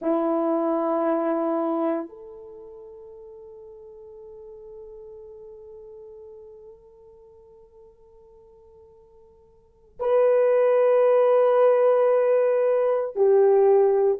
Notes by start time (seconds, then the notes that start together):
0.01 E4
2.08 A4
10.00 B4
13.15 G4